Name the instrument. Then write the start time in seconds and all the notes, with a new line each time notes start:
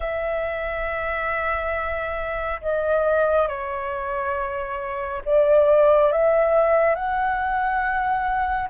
flute
0.00 E5
2.61 D#5
3.48 C#5
5.25 D5
6.12 E5
6.95 F#5